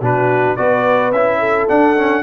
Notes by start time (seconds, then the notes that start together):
0.00 B2 D4 F#4 B4
0.56 B3 F#4 B4 D5
1.11 C#4 E4 E5
1.39 A4
1.68 D4 F#5
1.96 C#4